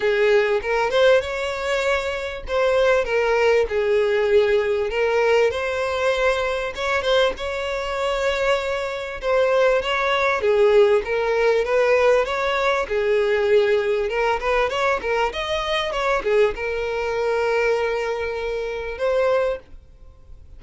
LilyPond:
\new Staff \with { instrumentName = "violin" } { \time 4/4 \tempo 4 = 98 gis'4 ais'8 c''8 cis''2 | c''4 ais'4 gis'2 | ais'4 c''2 cis''8 c''8 | cis''2. c''4 |
cis''4 gis'4 ais'4 b'4 | cis''4 gis'2 ais'8 b'8 | cis''8 ais'8 dis''4 cis''8 gis'8 ais'4~ | ais'2. c''4 | }